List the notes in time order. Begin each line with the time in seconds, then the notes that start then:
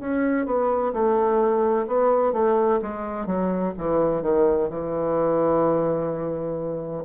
0.00 C#4
0.46 B3
0.93 A3
1.87 B3
2.33 A3
2.82 G#3
3.26 F#3
3.78 E3
4.22 D#3
4.69 E3